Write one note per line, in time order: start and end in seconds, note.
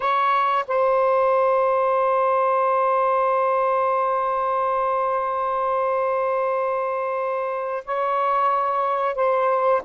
0.00 0.65 C#5
0.67 7.84 C5
7.85 9.15 C#5
9.15 9.82 C5